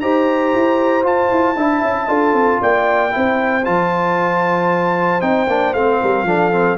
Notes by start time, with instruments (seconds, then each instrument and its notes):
0.00 tuba D#4, trombone G4, horn C5, trumpet A#5
0.54 tuba E4
1.03 trombone F4, tuba F4, trumpet A5
1.31 tuba E4
1.56 tuba D4, trombone E4, horn E5
1.82 tuba C#4
2.08 tuba D4, trombone F4, horn A4
2.33 tuba C4
2.61 tuba A#3, horn D5, trumpet G5
3.10 tuba C4, trombone E4, horn C5
3.65 tuba F3, trombone F4, trumpet A5
5.21 tuba C4, trombone D#4, trumpet G5
5.47 tuba A#3, trombone D4
5.74 tuba A3, trombone C4, trumpet F5
6.01 tuba G3, horn A#4
6.23 tuba F3, trombone D4, horn A4
6.52 trombone C4